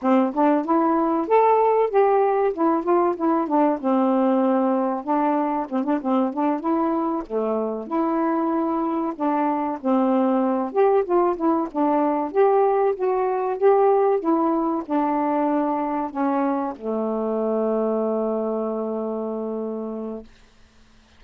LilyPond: \new Staff \with { instrumentName = "saxophone" } { \time 4/4 \tempo 4 = 95 c'8 d'8 e'4 a'4 g'4 | e'8 f'8 e'8 d'8 c'2 | d'4 c'16 d'16 c'8 d'8 e'4 a8~ | a8 e'2 d'4 c'8~ |
c'4 g'8 f'8 e'8 d'4 g'8~ | g'8 fis'4 g'4 e'4 d'8~ | d'4. cis'4 a4.~ | a1 | }